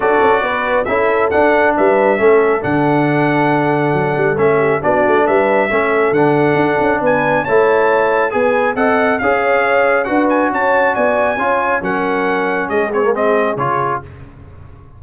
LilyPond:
<<
  \new Staff \with { instrumentName = "trumpet" } { \time 4/4 \tempo 4 = 137 d''2 e''4 fis''4 | e''2 fis''2~ | fis''2 e''4 d''4 | e''2 fis''2 |
gis''4 a''2 gis''4 | fis''4 f''2 fis''8 gis''8 | a''4 gis''2 fis''4~ | fis''4 dis''8 cis''8 dis''4 cis''4 | }
  \new Staff \with { instrumentName = "horn" } { \time 4/4 a'4 b'4 a'2 | b'4 a'2.~ | a'2~ a'8 g'8 fis'4 | b'4 a'2. |
b'4 cis''2 b'4 | dis''4 cis''2 b'4 | cis''4 d''4 cis''4 ais'4~ | ais'4 gis'2. | }
  \new Staff \with { instrumentName = "trombone" } { \time 4/4 fis'2 e'4 d'4~ | d'4 cis'4 d'2~ | d'2 cis'4 d'4~ | d'4 cis'4 d'2~ |
d'4 e'2 gis'4 | a'4 gis'2 fis'4~ | fis'2 f'4 cis'4~ | cis'4. c'16 ais16 c'4 f'4 | }
  \new Staff \with { instrumentName = "tuba" } { \time 4/4 d'8 cis'8 b4 cis'4 d'4 | g4 a4 d2~ | d4 fis8 g8 a4 b8 a8 | g4 a4 d4 d'8 cis'8 |
b4 a2 b4 | c'4 cis'2 d'4 | cis'4 b4 cis'4 fis4~ | fis4 gis2 cis4 | }
>>